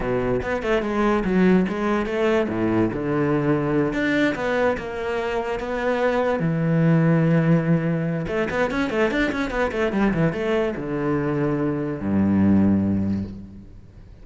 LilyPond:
\new Staff \with { instrumentName = "cello" } { \time 4/4 \tempo 4 = 145 b,4 b8 a8 gis4 fis4 | gis4 a4 a,4 d4~ | d4. d'4 b4 ais8~ | ais4. b2 e8~ |
e1 | a8 b8 cis'8 a8 d'8 cis'8 b8 a8 | g8 e8 a4 d2~ | d4 g,2. | }